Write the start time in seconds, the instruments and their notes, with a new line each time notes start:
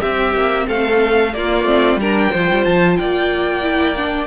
0.00 viola C4, cello C4, violin G4 E5
0.33 cello A#3
0.67 cello A3, violin A4 F5
1.33 cello A#3, viola A#3, violin F4 D5
1.64 cello A3, viola C4
1.96 cello G3, viola D4, violin A#4 A#5
2.18 violin G5
2.31 cello F3, viola F4, violin C5
2.50 cello G3
2.64 cello F3, violin A5
2.97 cello A#3, violin D5 G5
3.62 viola E4
3.96 viola D4